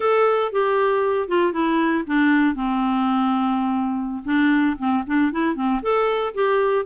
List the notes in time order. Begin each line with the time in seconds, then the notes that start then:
0.00 A4
0.51 G4
1.28 F4
1.52 E4
2.07 D4
2.55 C4
4.25 D4
4.78 C4
5.06 D4
5.32 E4
5.55 C4
5.82 A4
6.34 G4